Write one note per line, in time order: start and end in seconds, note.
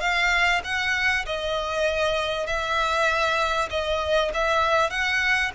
0.00 0.61 F5
0.64 1.25 F#5
1.26 2.47 D#5
2.47 3.69 E5
3.70 4.31 D#5
4.34 4.90 E5
4.90 5.51 F#5